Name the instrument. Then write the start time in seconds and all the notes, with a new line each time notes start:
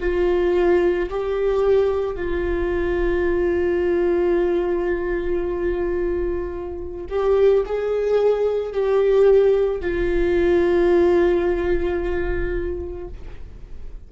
viola
0.00 F4
1.10 G4
2.15 F4
7.09 G4
7.66 G#4
8.73 G4
9.81 F4